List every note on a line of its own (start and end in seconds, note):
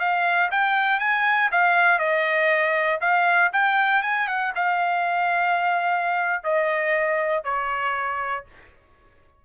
0.00 0.50 F5
0.51 1.00 G5
1.00 1.50 G#5
1.52 1.99 F5
1.99 3.00 D#5
3.01 3.51 F5
3.53 4.02 G5
4.02 4.28 G#5
4.28 4.53 F#5
4.55 6.44 F5
6.44 7.44 D#5
7.44 8.45 C#5